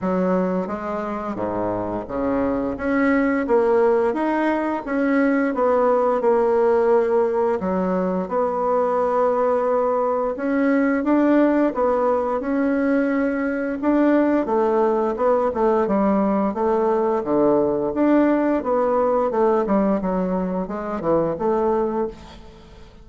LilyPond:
\new Staff \with { instrumentName = "bassoon" } { \time 4/4 \tempo 4 = 87 fis4 gis4 gis,4 cis4 | cis'4 ais4 dis'4 cis'4 | b4 ais2 fis4 | b2. cis'4 |
d'4 b4 cis'2 | d'4 a4 b8 a8 g4 | a4 d4 d'4 b4 | a8 g8 fis4 gis8 e8 a4 | }